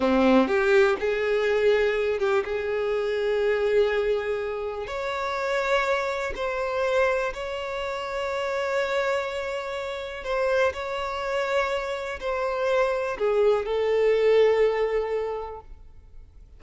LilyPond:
\new Staff \with { instrumentName = "violin" } { \time 4/4 \tempo 4 = 123 c'4 g'4 gis'2~ | gis'8 g'8 gis'2.~ | gis'2 cis''2~ | cis''4 c''2 cis''4~ |
cis''1~ | cis''4 c''4 cis''2~ | cis''4 c''2 gis'4 | a'1 | }